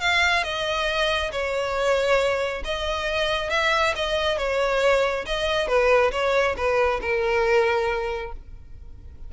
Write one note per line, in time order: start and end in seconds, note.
0.00 0.43 F5
0.43 1.31 D#5
1.31 2.63 C#5
2.64 3.50 D#5
3.50 3.94 E5
3.95 4.37 D#5
4.37 5.25 C#5
5.26 5.67 D#5
5.67 6.11 B4
6.12 6.55 C#5
6.56 7.00 B4
7.01 8.32 A#4